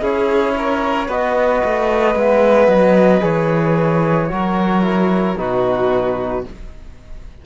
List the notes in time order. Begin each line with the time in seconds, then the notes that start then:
0.00 C#4 E4 G#4 C#5
0.57 A#4
1.07 B3 F#4 B4 D#5
1.64 A3
2.14 G#3 B3 E5
2.67 F#3 D#5
3.20 E3 G#4 C#5
4.28 F#3 F#4 A#4
4.82 E4
5.37 B2 D#4 F#4 B4